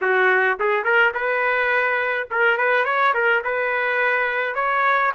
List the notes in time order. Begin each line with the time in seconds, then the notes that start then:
0.01 F#4
0.59 G#4
0.84 A#4
1.14 B4
2.30 A#4
2.57 B4
2.84 C#5
3.14 A#4
3.44 B4
4.55 C#5